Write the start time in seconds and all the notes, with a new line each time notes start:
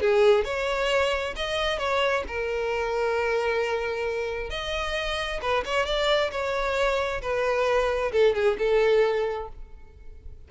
0.00 G#4
0.44 C#5
1.36 D#5
1.78 C#5
2.27 A#4
4.50 D#5
5.41 B4
5.65 C#5
5.85 D5
6.31 C#5
7.21 B4
8.12 A4
8.34 G#4
8.58 A4